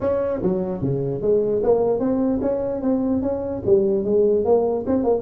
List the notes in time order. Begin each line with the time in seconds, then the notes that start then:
0.01 C#4
0.42 F#3
0.81 C#3
1.21 G#3
1.63 A#3
1.99 C4
2.41 C#4
2.81 C4
3.22 C#4
3.65 G3
4.04 G#3
4.44 A#3
4.87 C4
5.03 A#3